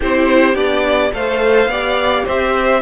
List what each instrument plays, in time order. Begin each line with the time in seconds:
0.00 cello C4, viola E4, violin G4 C5
0.54 cello B3, viola D4, violin D5
1.13 cello A3, viola A4, violin C5 F5
1.66 cello B3, viola G4, violin D5
2.25 cello C4, violin C5 E5